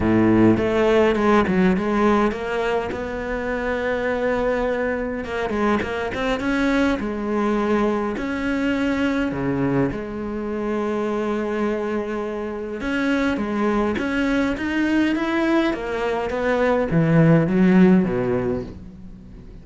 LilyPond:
\new Staff \with { instrumentName = "cello" } { \time 4/4 \tempo 4 = 103 a,4 a4 gis8 fis8 gis4 | ais4 b2.~ | b4 ais8 gis8 ais8 c'8 cis'4 | gis2 cis'2 |
cis4 gis2.~ | gis2 cis'4 gis4 | cis'4 dis'4 e'4 ais4 | b4 e4 fis4 b,4 | }